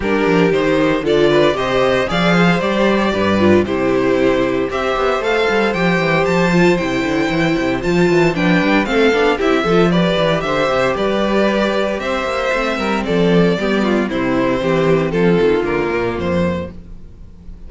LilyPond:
<<
  \new Staff \with { instrumentName = "violin" } { \time 4/4 \tempo 4 = 115 ais'4 c''4 d''4 dis''4 | f''4 d''2 c''4~ | c''4 e''4 f''4 g''4 | a''4 g''2 a''4 |
g''4 f''4 e''4 d''4 | e''4 d''2 e''4~ | e''4 d''2 c''4~ | c''4 a'4 ais'4 c''4 | }
  \new Staff \with { instrumentName = "violin" } { \time 4/4 g'2 a'8 b'8 c''4 | d''8 c''4. b'4 g'4~ | g'4 c''2.~ | c''1 |
b'4 a'4 g'8 a'8 b'4 | c''4 b'2 c''4~ | c''8 ais'8 a'4 g'8 f'8 e'4 | g'4 f'2. | }
  \new Staff \with { instrumentName = "viola" } { \time 4/4 d'4 dis'4 f'4 g'4 | gis'4 g'4. f'8 e'4~ | e'4 g'4 a'4 g'4~ | g'8 f'8 e'2 f'4 |
d'4 c'8 d'8 e'8 f'8 g'4~ | g'1 | c'2 b4 c'4~ | c'2 ais2 | }
  \new Staff \with { instrumentName = "cello" } { \time 4/4 g8 f8 dis4 d4 c4 | f4 g4 g,4 c4~ | c4 c'8 b8 a8 g8 f8 e8 | f4 c8 d8 e8 c8 f8 e8 |
f8 g8 a8 b8 c'8 f4 e8 | d8 c8 g2 c'8 ais8 | a8 g8 f4 g4 c4 | e4 f8 dis8 d8 ais,8 f,4 | }
>>